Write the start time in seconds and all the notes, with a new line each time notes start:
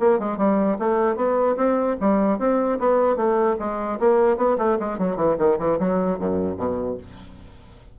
0.00 A#3
0.20 G#3
0.38 G3
0.79 A3
1.17 B3
1.57 C4
2.01 G3
2.39 C4
2.80 B3
3.17 A3
3.60 G#3
4.00 A#3
4.38 B3
4.59 A3
4.80 G#3
4.99 F#3
5.17 E3
5.39 D#3
5.59 E3
5.80 F#3
6.19 F#2
6.58 B2